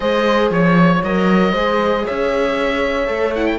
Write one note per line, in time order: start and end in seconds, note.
0.00 0.50 G#3
0.00 1.02 G#4
0.00 0.51 C5
0.00 0.50 D#5
0.50 1.01 F3
0.50 1.52 C#5
0.50 1.03 C#5
1.03 1.52 F#3
1.03 1.55 A#4
1.03 2.06 D#5
1.52 2.04 G#3
1.52 3.07 G#4
1.52 2.03 C5
2.04 3.08 C#4
2.04 3.58 C#5
2.04 3.34 E5
3.07 3.59 A3
3.07 3.32 A4
3.35 3.59 E4
3.35 3.46 F#5
3.46 3.59 G5